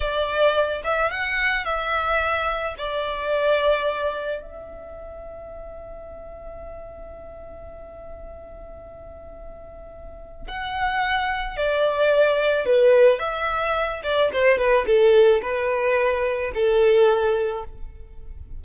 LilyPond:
\new Staff \with { instrumentName = "violin" } { \time 4/4 \tempo 4 = 109 d''4. e''8 fis''4 e''4~ | e''4 d''2. | e''1~ | e''1~ |
e''2. fis''4~ | fis''4 d''2 b'4 | e''4. d''8 c''8 b'8 a'4 | b'2 a'2 | }